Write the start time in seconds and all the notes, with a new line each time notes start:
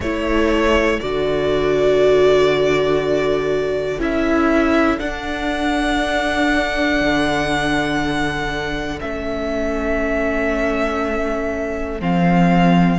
0.00 A3 E4 A4 C#5
1.00 D3 F#4 D5
3.98 C#4 E4 E5
4.99 D4 F#5
7.00 D3
9.00 A3 C#4 E5
12.00 F3 C4 F5